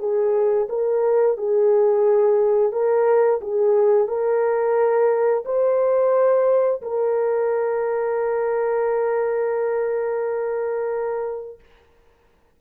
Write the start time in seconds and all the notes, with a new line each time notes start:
0.00 G#4
0.69 A#4
1.38 G#4
2.73 A#4
3.42 G#4
4.08 A#4
5.46 C5
6.82 A#4